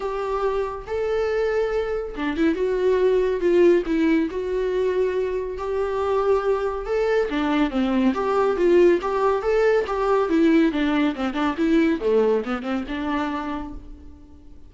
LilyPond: \new Staff \with { instrumentName = "viola" } { \time 4/4 \tempo 4 = 140 g'2 a'2~ | a'4 d'8 e'8 fis'2 | f'4 e'4 fis'2~ | fis'4 g'2. |
a'4 d'4 c'4 g'4 | f'4 g'4 a'4 g'4 | e'4 d'4 c'8 d'8 e'4 | a4 b8 c'8 d'2 | }